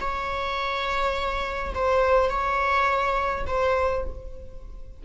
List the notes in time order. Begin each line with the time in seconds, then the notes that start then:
0.00 C#5
1.74 C5
2.29 C#5
3.46 C5